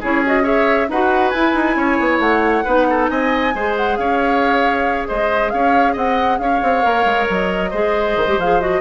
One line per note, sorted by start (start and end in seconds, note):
0.00 0.89 C#4
0.00 0.25 E4
0.00 0.43 G#4
0.00 0.25 C#5
0.25 0.43 F#4
0.25 0.45 D#5
0.43 0.87 G#4
0.43 0.87 C#5
0.43 0.90 E5
0.89 1.33 D#4
0.89 1.35 F#4
0.89 1.77 B4
0.89 1.29 F#5
1.29 1.54 E4
1.29 2.66 E4
1.29 2.18 G#5
1.54 1.76 D#4
1.76 1.98 C#4
1.76 2.64 C#5
1.99 2.19 B3
2.19 2.63 A3
2.19 3.08 F#5
2.64 3.10 B3
2.64 3.54 D#4
2.64 2.86 B4
2.89 3.10 A4
3.09 3.54 C4
3.09 3.54 D#5
3.09 3.75 G#5
3.54 3.98 G#3
3.54 6.83 G#4
3.54 3.99 C5
3.76 3.96 F#5
3.96 5.08 C#4
3.96 5.08 C#5
3.96 5.06 F5
5.08 5.53 G#3
5.08 5.52 C5
5.08 5.50 D#5
5.50 5.95 C#4
5.50 5.93 C#5
5.50 5.94 F5
5.93 6.39 C4
5.93 6.37 D#5
5.93 6.38 F#5
6.38 6.61 C#4
6.38 7.70 C#5
6.38 7.26 F5
6.62 6.84 C4
6.83 7.05 A#3
6.83 7.71 A#4
7.05 7.27 G#3
7.29 7.73 F#3
7.29 8.40 D#5
7.70 8.16 G#3
7.70 8.27 G#4
7.70 8.80 C5
8.16 8.27 D#3
8.27 8.37 G#3
8.27 8.39 G4
8.37 8.81 F3
8.37 8.61 G#4
8.37 8.60 F5
8.60 8.81 F#4
8.60 8.81 D#5